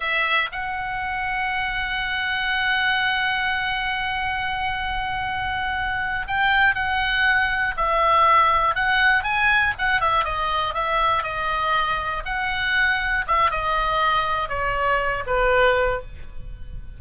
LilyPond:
\new Staff \with { instrumentName = "oboe" } { \time 4/4 \tempo 4 = 120 e''4 fis''2.~ | fis''1~ | fis''1~ | fis''8 g''4 fis''2 e''8~ |
e''4. fis''4 gis''4 fis''8 | e''8 dis''4 e''4 dis''4.~ | dis''8 fis''2 e''8 dis''4~ | dis''4 cis''4. b'4. | }